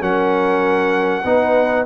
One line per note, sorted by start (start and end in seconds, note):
0.00 1.24 F#3
0.00 1.22 C#4
0.00 1.24 A#4
0.00 1.86 F#5
1.24 1.86 B3
1.24 1.86 D#4
1.24 1.85 B4